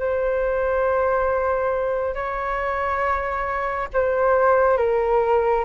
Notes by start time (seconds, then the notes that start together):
0.00 C5
2.15 C#5
3.94 C5
4.78 A#4